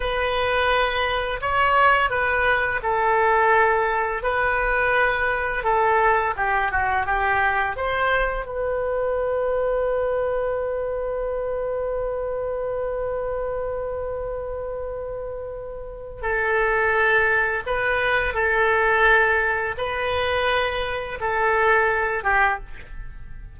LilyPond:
\new Staff \with { instrumentName = "oboe" } { \time 4/4 \tempo 4 = 85 b'2 cis''4 b'4 | a'2 b'2 | a'4 g'8 fis'8 g'4 c''4 | b'1~ |
b'1~ | b'2. a'4~ | a'4 b'4 a'2 | b'2 a'4. g'8 | }